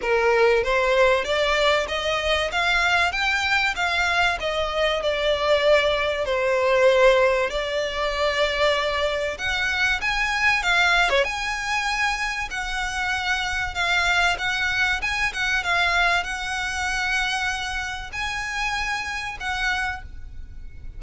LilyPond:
\new Staff \with { instrumentName = "violin" } { \time 4/4 \tempo 4 = 96 ais'4 c''4 d''4 dis''4 | f''4 g''4 f''4 dis''4 | d''2 c''2 | d''2. fis''4 |
gis''4 f''8. cis''16 gis''2 | fis''2 f''4 fis''4 | gis''8 fis''8 f''4 fis''2~ | fis''4 gis''2 fis''4 | }